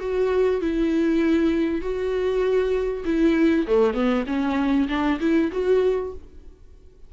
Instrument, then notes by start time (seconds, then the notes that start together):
viola
0.00 F#4
0.61 E4
1.81 F#4
3.05 E4
3.67 A3
3.94 B3
4.27 C#4
4.89 D4
5.20 E4
5.52 F#4